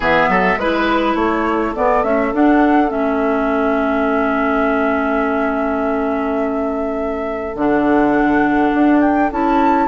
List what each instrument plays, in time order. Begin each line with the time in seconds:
0.00 bassoon E3, clarinet B3, oboe G#4, flute E5
0.28 bassoon F#3, oboe A4
0.56 bassoon G#3, clarinet E4, oboe B4, flute B4
1.15 bassoon A3, oboe A4, flute C#5
1.75 clarinet B3, bassoon B3, flute D5
2.03 clarinet A3, bassoon C#4, flute E5
2.33 bassoon D4, clarinet D4, flute F#5
2.87 bassoon A3, clarinet C#4, flute E5
7.55 bassoon D3, clarinet D4, flute F#5
8.74 bassoon D4
9.01 flute G5
9.31 bassoon C#4, clarinet E4, flute A5